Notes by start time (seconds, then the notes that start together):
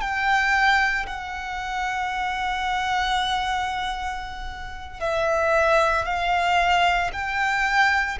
0.00 G5
1.06 F#5
5.00 E5
6.05 F5
7.12 G5